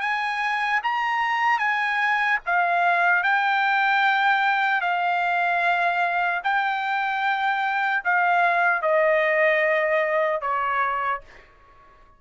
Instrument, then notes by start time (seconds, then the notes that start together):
trumpet
0.00 G#5
0.83 A#5
1.59 G#5
2.46 F5
3.23 G5
4.81 F5
6.43 G5
8.04 F5
8.82 D#5
10.41 C#5